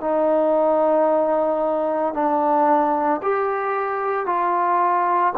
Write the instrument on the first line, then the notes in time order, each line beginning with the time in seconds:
trombone
0.00 D#4
2.14 D4
3.22 G4
4.26 F4